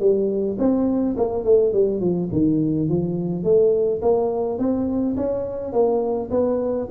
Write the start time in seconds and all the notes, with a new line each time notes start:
0.00 G3
0.59 C4
1.17 A#3
1.45 A3
1.73 G3
2.01 F3
2.32 D#3
2.89 F3
3.44 A3
4.02 A#3
4.59 C4
5.17 C#4
5.73 A#3
6.31 B3